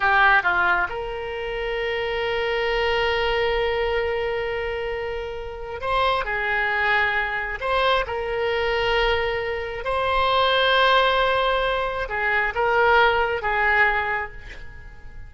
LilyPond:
\new Staff \with { instrumentName = "oboe" } { \time 4/4 \tempo 4 = 134 g'4 f'4 ais'2~ | ais'1~ | ais'1~ | ais'4 c''4 gis'2~ |
gis'4 c''4 ais'2~ | ais'2 c''2~ | c''2. gis'4 | ais'2 gis'2 | }